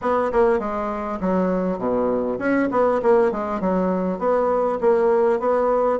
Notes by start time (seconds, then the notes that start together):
0.01 B3
0.32 A#3
0.59 G#3
1.20 F#3
1.78 B2
2.38 C#4
2.71 B3
3.02 A#3
3.31 G#3
3.60 F#3
4.18 B3
4.80 A#3
5.39 B3